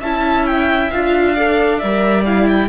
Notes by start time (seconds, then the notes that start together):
0.00 C#4 E4 E5 A5
0.46 G5
0.90 D4 F4 F5
1.34 A4 D5
1.79 G3 A#4 E5
2.25 E4 F5
2.48 G5